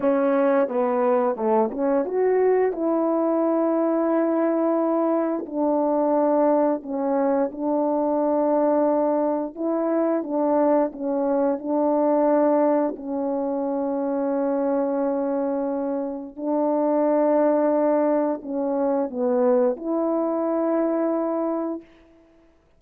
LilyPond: \new Staff \with { instrumentName = "horn" } { \time 4/4 \tempo 4 = 88 cis'4 b4 a8 cis'8 fis'4 | e'1 | d'2 cis'4 d'4~ | d'2 e'4 d'4 |
cis'4 d'2 cis'4~ | cis'1 | d'2. cis'4 | b4 e'2. | }